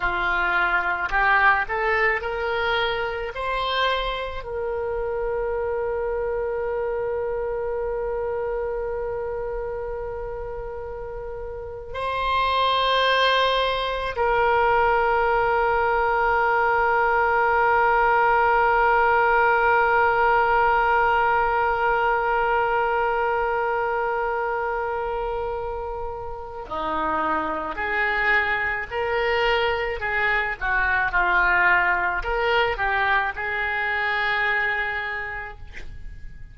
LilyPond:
\new Staff \with { instrumentName = "oboe" } { \time 4/4 \tempo 4 = 54 f'4 g'8 a'8 ais'4 c''4 | ais'1~ | ais'2~ ais'8. c''4~ c''16~ | c''8. ais'2.~ ais'16~ |
ais'1~ | ais'1 | dis'4 gis'4 ais'4 gis'8 fis'8 | f'4 ais'8 g'8 gis'2 | }